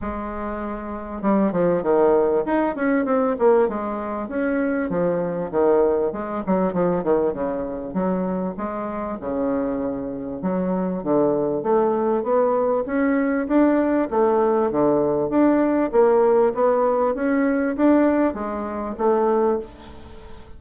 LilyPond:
\new Staff \with { instrumentName = "bassoon" } { \time 4/4 \tempo 4 = 98 gis2 g8 f8 dis4 | dis'8 cis'8 c'8 ais8 gis4 cis'4 | f4 dis4 gis8 fis8 f8 dis8 | cis4 fis4 gis4 cis4~ |
cis4 fis4 d4 a4 | b4 cis'4 d'4 a4 | d4 d'4 ais4 b4 | cis'4 d'4 gis4 a4 | }